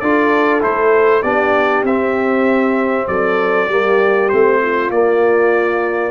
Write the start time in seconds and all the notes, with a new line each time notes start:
0.00 D4 F4 A4 D5
0.60 A3 E4 C5
1.23 B3 D4 G4 D5
1.84 C4 E5
3.08 F#3 A4 D5
3.69 G3 A#3 G4
4.29 A3 C4 C5
4.62 F4
4.90 A#3 D5